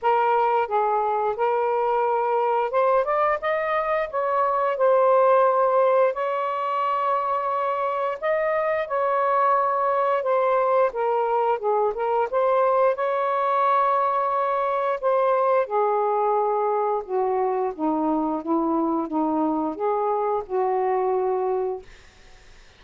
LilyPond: \new Staff \with { instrumentName = "saxophone" } { \time 4/4 \tempo 4 = 88 ais'4 gis'4 ais'2 | c''8 d''8 dis''4 cis''4 c''4~ | c''4 cis''2. | dis''4 cis''2 c''4 |
ais'4 gis'8 ais'8 c''4 cis''4~ | cis''2 c''4 gis'4~ | gis'4 fis'4 dis'4 e'4 | dis'4 gis'4 fis'2 | }